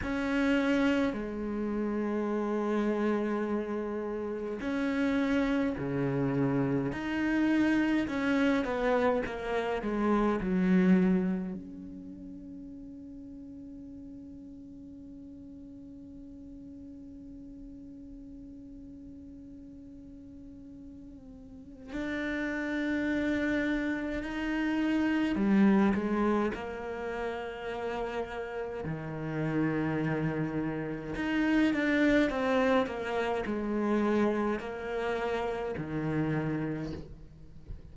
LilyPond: \new Staff \with { instrumentName = "cello" } { \time 4/4 \tempo 4 = 52 cis'4 gis2. | cis'4 cis4 dis'4 cis'8 b8 | ais8 gis8 fis4 cis'2~ | cis'1~ |
cis'2. d'4~ | d'4 dis'4 g8 gis8 ais4~ | ais4 dis2 dis'8 d'8 | c'8 ais8 gis4 ais4 dis4 | }